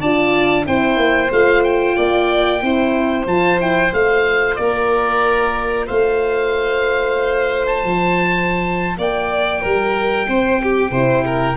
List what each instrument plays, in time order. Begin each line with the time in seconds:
0.00 tuba D4, horn F4, violin D5, oboe A5
0.66 tuba C4, horn E4, violin C5, oboe G5
0.97 tuba A#3
1.31 tuba A3, horn F4, oboe F5
1.64 oboe G5
1.97 tuba A#3, violin D5
2.62 tuba C4, horn E4, violin C5
3.26 tuba F3, horn F4, oboe A5
3.61 horn E4, oboe G5
3.93 tuba A3, horn F4, oboe F5
4.56 tuba A#3, violin A#4, oboe D5
5.87 tuba A3, violin C5, oboe F5
7.67 oboe A5
7.85 tuba F3
8.99 tuba A#3, violin D5, oboe G5
9.62 tuba G3, violin A#4
10.28 tuba C4, violin C5
10.64 violin G4
10.91 tuba C3, horn E4, violin C5
11.26 violin A#4